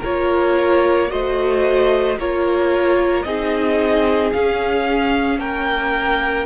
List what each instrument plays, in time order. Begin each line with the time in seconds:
0.00 cello A#3, viola F4, violin A#4 C#5
1.08 cello A3, viola F#4, violin C5 D#5
2.17 cello A#3, viola F4, violin A#4 C#5
3.22 cello C4, viola D#4, violin G#4 D#5
4.32 cello C#4, viola C#4, violin F5
5.38 cello A#3, violin A#4 G5